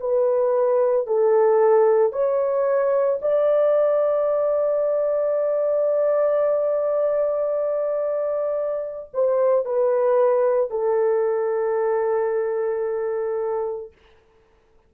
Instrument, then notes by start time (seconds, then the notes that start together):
horn
0.00 B4
1.07 A4
2.12 C#5
3.21 D5
9.14 C5
9.65 B4
10.70 A4